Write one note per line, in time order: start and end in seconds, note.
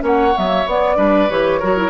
0.00 0.34 A#3
0.00 0.32 C#4
0.00 0.97 C#5
0.00 0.37 F#5
0.37 0.65 F#3
0.37 0.48 B3
0.37 0.69 E5
0.48 0.64 A#3
0.65 0.97 B3
0.65 0.96 B3
0.65 1.30 D5
0.96 1.29 G3
0.96 1.28 D4
0.96 1.59 B4
1.30 1.62 E3
1.30 1.62 G4
1.30 1.90 C#5
1.59 1.90 F#3
1.59 1.77 F#4
1.59 1.90 A#4
1.77 1.90 E4